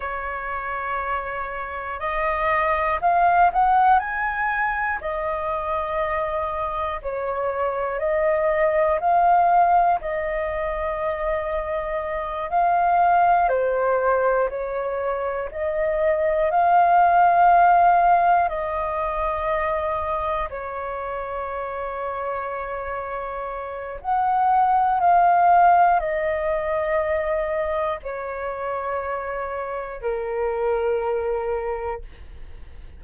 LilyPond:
\new Staff \with { instrumentName = "flute" } { \time 4/4 \tempo 4 = 60 cis''2 dis''4 f''8 fis''8 | gis''4 dis''2 cis''4 | dis''4 f''4 dis''2~ | dis''8 f''4 c''4 cis''4 dis''8~ |
dis''8 f''2 dis''4.~ | dis''8 cis''2.~ cis''8 | fis''4 f''4 dis''2 | cis''2 ais'2 | }